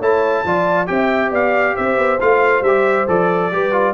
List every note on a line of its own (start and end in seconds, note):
0.00 0.45 A3
0.00 0.46 E4
0.00 0.44 C#5
0.00 0.87 A5
0.45 0.89 F3
0.45 0.87 F4
0.45 0.90 D5
0.87 1.32 C4
0.87 2.19 G4
0.87 1.32 E5
0.87 1.31 G5
1.32 1.75 B3
1.32 1.75 D5
1.32 1.76 F5
1.76 1.97 C4
1.76 3.51 C5
1.76 2.20 E5
1.97 2.19 B3
2.21 2.62 A3
2.21 2.65 F4
2.21 2.64 F5
2.62 3.05 G3
2.62 3.08 G4
2.62 3.07 E5
3.08 3.52 F3
3.08 3.52 A4
3.08 3.95 D5
3.52 3.95 G3
3.52 3.72 G4
3.52 3.95 B4
3.72 3.94 F4